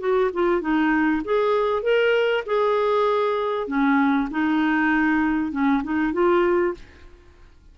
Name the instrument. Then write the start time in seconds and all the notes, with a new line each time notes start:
clarinet
0.00 F#4
0.33 F4
0.61 D#4
1.24 G#4
1.83 A#4
2.46 G#4
3.67 C#4
4.31 D#4
5.52 C#4
5.83 D#4
6.13 F4